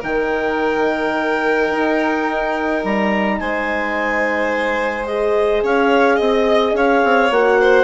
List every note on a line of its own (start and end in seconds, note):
0.00 1.71 D#3
0.00 5.07 D#4
0.00 3.36 A#4
0.00 2.84 G5
1.71 2.83 D#4
2.84 3.41 G3
2.84 3.40 A#5
3.40 5.63 G#3
3.40 5.64 C5
3.40 5.06 G#5
5.06 7.32 G#4
5.06 5.62 D#5
5.63 6.19 C#4
5.63 6.16 C#5
5.63 6.21 F5
6.16 6.73 C4
6.16 6.72 D#5
6.16 6.77 D#5
6.73 7.01 C#4
6.73 7.61 C#5
6.73 7.32 F5
7.04 7.31 C4
7.31 7.84 A#3
7.31 7.84 F#4
7.31 7.84 F#5
7.61 7.84 C5